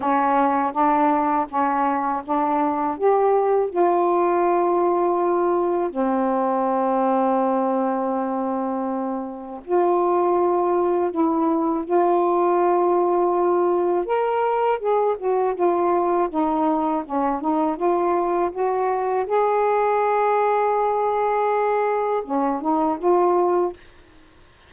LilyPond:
\new Staff \with { instrumentName = "saxophone" } { \time 4/4 \tempo 4 = 81 cis'4 d'4 cis'4 d'4 | g'4 f'2. | c'1~ | c'4 f'2 e'4 |
f'2. ais'4 | gis'8 fis'8 f'4 dis'4 cis'8 dis'8 | f'4 fis'4 gis'2~ | gis'2 cis'8 dis'8 f'4 | }